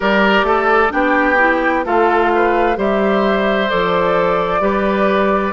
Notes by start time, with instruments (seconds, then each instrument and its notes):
0.00 bassoon G3, clarinet G4, oboe A#4, flute D5
0.42 bassoon A3, oboe A4
0.89 bassoon B3, clarinet D4, oboe G4, flute G5
1.38 clarinet E4
1.84 bassoon A3, clarinet F4, oboe A4, flute F5
2.35 oboe B4
2.75 bassoon G3, clarinet G4, oboe C5, flute E5
3.69 bassoon F3, clarinet A4, flute D5
4.60 bassoon G3, clarinet G4, oboe B4